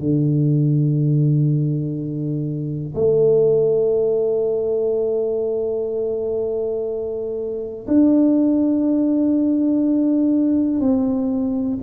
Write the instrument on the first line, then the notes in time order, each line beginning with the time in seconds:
tuba
0.00 D3
2.96 A3
7.88 D4
10.81 C4